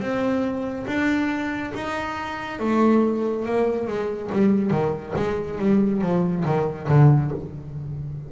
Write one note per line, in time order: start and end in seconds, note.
0.00 0.86 C4
0.86 1.72 D4
1.75 2.59 D#4
2.59 3.45 A3
3.45 3.87 A#3
3.87 4.30 G#3
4.32 4.71 G3
4.71 5.14 D#3
5.16 5.58 G#3
5.58 6.01 G3
6.01 6.44 F3
6.45 6.88 D#3
6.88 7.31 D3